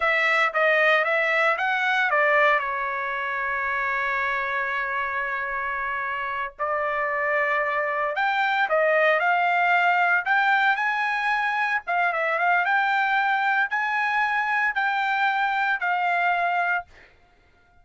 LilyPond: \new Staff \with { instrumentName = "trumpet" } { \time 4/4 \tempo 4 = 114 e''4 dis''4 e''4 fis''4 | d''4 cis''2.~ | cis''1~ | cis''8 d''2. g''8~ |
g''8 dis''4 f''2 g''8~ | g''8 gis''2 f''8 e''8 f''8 | g''2 gis''2 | g''2 f''2 | }